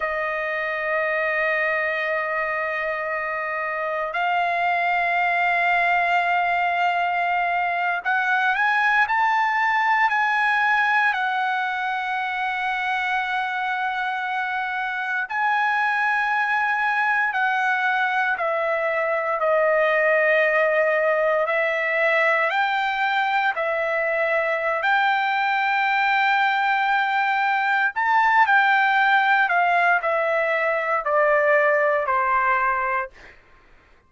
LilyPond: \new Staff \with { instrumentName = "trumpet" } { \time 4/4 \tempo 4 = 58 dis''1 | f''2.~ f''8. fis''16~ | fis''16 gis''8 a''4 gis''4 fis''4~ fis''16~ | fis''2~ fis''8. gis''4~ gis''16~ |
gis''8. fis''4 e''4 dis''4~ dis''16~ | dis''8. e''4 g''4 e''4~ e''16 | g''2. a''8 g''8~ | g''8 f''8 e''4 d''4 c''4 | }